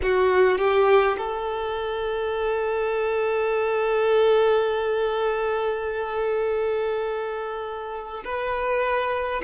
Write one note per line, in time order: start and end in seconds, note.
0.02 0.58 F#4
0.58 1.17 G4
1.17 8.23 A4
8.24 9.42 B4